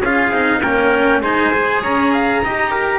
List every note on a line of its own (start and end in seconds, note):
0.00 0.30 C#4
0.00 0.32 F4
0.00 0.60 G#4
0.00 0.61 F5
0.30 0.60 C4
0.30 0.62 D#4
0.61 1.21 A#3
0.61 1.23 C#4
0.61 1.21 A#4
0.61 1.22 G5
1.21 1.81 G#3
1.21 1.53 D#4
1.21 1.82 C5
1.21 1.83 G#5
1.53 2.43 G#4
1.82 2.43 C#4
1.82 2.12 C#5
1.82 2.99 A#5
2.13 2.43 F5
2.43 2.99 D#4
2.43 2.99 G4
2.43 2.71 D#5
2.71 2.99 A#4